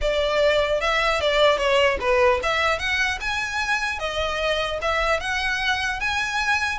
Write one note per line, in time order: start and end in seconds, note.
0.01 0.80 D5
0.80 1.20 E5
1.21 1.57 D5
1.57 1.97 C#5
2.00 2.40 B4
2.42 2.78 E5
2.78 3.18 F#5
3.20 3.99 G#5
3.99 4.79 D#5
4.81 5.20 E5
5.20 6.00 F#5
6.00 6.78 G#5